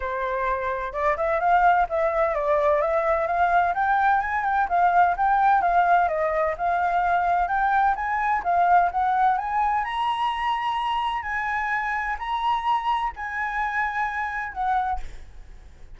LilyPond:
\new Staff \with { instrumentName = "flute" } { \time 4/4 \tempo 4 = 128 c''2 d''8 e''8 f''4 | e''4 d''4 e''4 f''4 | g''4 gis''8 g''8 f''4 g''4 | f''4 dis''4 f''2 |
g''4 gis''4 f''4 fis''4 | gis''4 ais''2. | gis''2 ais''2 | gis''2. fis''4 | }